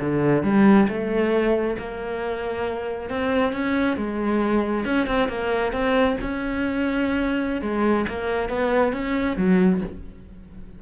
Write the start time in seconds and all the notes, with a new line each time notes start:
0.00 D3
0.43 G3
0.88 A3
1.78 A#3
3.10 C4
3.53 C#4
3.97 G#3
4.85 C#4
5.07 C4
5.29 A#3
5.73 C4
6.21 C#4
7.62 G#3
8.09 A#3
8.49 B3
8.93 C#4
9.37 F#3